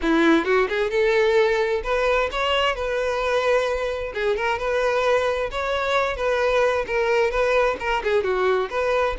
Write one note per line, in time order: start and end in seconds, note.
0.02 0.45 E4
0.45 0.67 F#4
0.68 0.90 G#4
0.90 1.82 A4
1.83 2.29 B4
2.31 2.75 C#5
2.75 4.12 B4
4.13 4.36 G#4
4.36 4.58 A#4
4.58 5.50 B4
5.51 6.16 C#5
6.16 6.85 B4
6.87 7.30 A#4
7.30 7.76 B4
7.79 8.02 A#4
8.03 8.23 G#4
8.23 8.69 F#4
8.70 9.16 B4